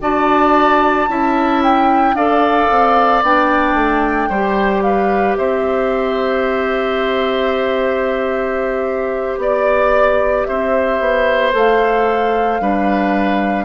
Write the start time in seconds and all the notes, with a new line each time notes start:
0.00 D4 F#4 D5 A5
1.08 C#4 E4 E5
1.63 G5
2.13 D4 A4 D5 F5
2.70 C4
3.22 B3 D4 G5
3.74 A3
4.29 G3 G4 C5
4.82 B4 F5
5.36 C4 C5 E5
9.37 B3 D5
10.45 C4 C5 E5
11.00 B3
11.52 A3 A4 F5
12.60 G3 D4 B4